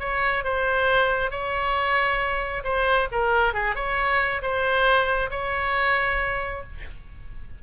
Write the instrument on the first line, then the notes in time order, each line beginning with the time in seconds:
oboe
0.00 C#5
0.44 C5
1.31 C#5
2.64 C5
3.12 A#4
3.54 G#4
3.76 C#5
4.42 C5
5.31 C#5